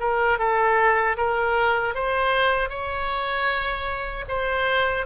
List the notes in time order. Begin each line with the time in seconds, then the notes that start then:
0.00 A#4
0.39 A4
1.17 A#4
1.94 C5
2.70 C#5
4.28 C5